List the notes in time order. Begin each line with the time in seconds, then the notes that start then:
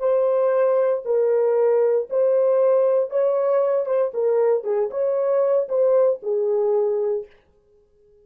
0.00 C5
1.05 A#4
2.10 C5
3.11 C#5
3.87 C5
4.14 A#4
4.64 G#4
4.91 C#5
5.69 C5
6.23 G#4